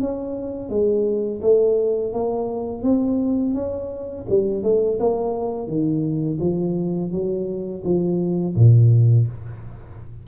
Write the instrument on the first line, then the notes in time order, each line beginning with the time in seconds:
tuba
0.00 C#4
0.69 G#3
1.41 A3
2.13 A#3
2.82 C4
3.54 C#4
4.29 G3
4.63 A3
4.99 A#3
5.67 D#3
6.40 F3
7.11 F#3
7.84 F3
8.56 A#2